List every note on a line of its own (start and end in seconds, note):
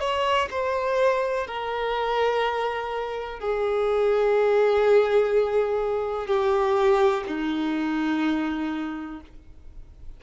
0.00 0.48 C#5
0.50 1.46 C5
1.46 3.39 A#4
3.39 6.26 G#4
6.26 7.23 G4
7.27 9.20 D#4